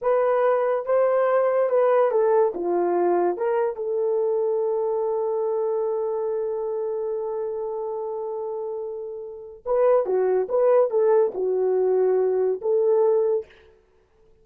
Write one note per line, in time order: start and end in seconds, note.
0.01 0.85 B4
0.85 1.69 C5
1.69 2.11 B4
2.11 2.53 A4
2.54 3.37 F4
3.37 3.76 A#4
3.76 9.63 A4
9.65 10.05 B4
10.05 10.47 F#4
10.48 10.90 B4
10.90 11.32 A4
11.34 12.60 F#4
12.61 13.45 A4